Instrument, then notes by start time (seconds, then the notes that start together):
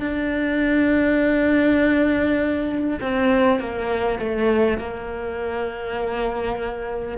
cello
0.00 D4
3.01 C4
3.60 A#3
4.19 A3
4.78 A#3